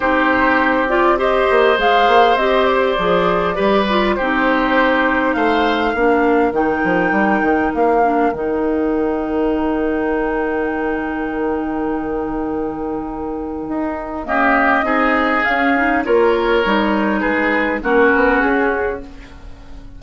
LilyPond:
<<
  \new Staff \with { instrumentName = "flute" } { \time 4/4 \tempo 4 = 101 c''4. d''8 dis''4 f''4 | dis''8 d''2~ d''8 c''4~ | c''4 f''2 g''4~ | g''4 f''4 g''2~ |
g''1~ | g''1 | dis''2 f''4 cis''4~ | cis''4 b'4 ais'4 gis'4 | }
  \new Staff \with { instrumentName = "oboe" } { \time 4/4 g'2 c''2~ | c''2 b'4 g'4~ | g'4 c''4 ais'2~ | ais'1~ |
ais'1~ | ais'1 | g'4 gis'2 ais'4~ | ais'4 gis'4 fis'2 | }
  \new Staff \with { instrumentName = "clarinet" } { \time 4/4 dis'4. f'8 g'4 gis'4 | g'4 gis'4 g'8 f'8 dis'4~ | dis'2 d'4 dis'4~ | dis'4. d'8 dis'2~ |
dis'1~ | dis'1 | ais4 dis'4 cis'8 dis'8 f'4 | dis'2 cis'2 | }
  \new Staff \with { instrumentName = "bassoon" } { \time 4/4 c'2~ c'8 ais8 gis8 ais8 | c'4 f4 g4 c'4~ | c'4 a4 ais4 dis8 f8 | g8 dis8 ais4 dis2~ |
dis1~ | dis2. dis'4 | cis'4 c'4 cis'4 ais4 | g4 gis4 ais8 b8 cis'4 | }
>>